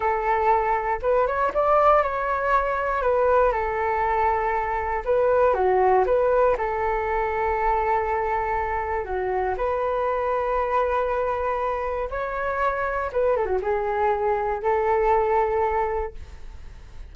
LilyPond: \new Staff \with { instrumentName = "flute" } { \time 4/4 \tempo 4 = 119 a'2 b'8 cis''8 d''4 | cis''2 b'4 a'4~ | a'2 b'4 fis'4 | b'4 a'2.~ |
a'2 fis'4 b'4~ | b'1 | cis''2 b'8 a'16 fis'16 gis'4~ | gis'4 a'2. | }